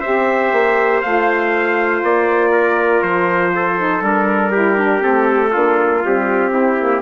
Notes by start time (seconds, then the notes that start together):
0.00 G4 C5 E5
0.06 C4
0.52 A#3
1.02 A3 F4 F5
2.03 A#3 D5
2.52 A#4
3.02 F3 C5
3.55 A4
3.79 D#4
4.01 G3 D4 A#4
4.52 E4 G4
4.77 D4
5.00 C4 A4
5.07 A3
5.52 A#3 D4 F4
6.00 G3 C4 G4
6.51 C4 E4
6.78 A#3